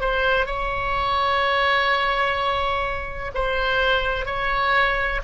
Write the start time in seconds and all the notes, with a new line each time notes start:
0.00 C5
0.45 C#5
3.34 C5
4.25 C#5